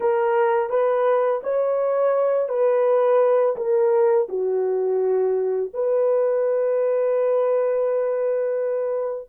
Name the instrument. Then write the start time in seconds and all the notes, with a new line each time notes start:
horn
0.00 A#4
0.69 B4
1.43 C#5
2.48 B4
3.56 A#4
4.29 F#4
5.73 B4